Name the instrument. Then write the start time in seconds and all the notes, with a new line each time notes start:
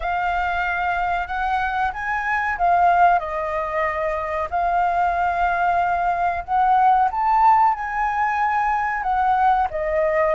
flute
0.00 F5
1.27 F#5
1.93 G#5
2.57 F5
3.19 D#5
4.50 F5
6.44 F#5
7.11 A5
7.74 G#5
9.03 F#5
9.70 D#5